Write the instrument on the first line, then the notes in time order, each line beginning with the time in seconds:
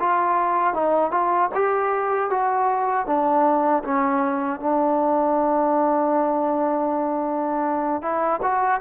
trombone
0.00 F4
0.73 D#4
1.11 F4
1.55 G4
2.30 F#4
3.06 D4
3.84 C#4
4.60 D4
8.02 E4
8.42 F#4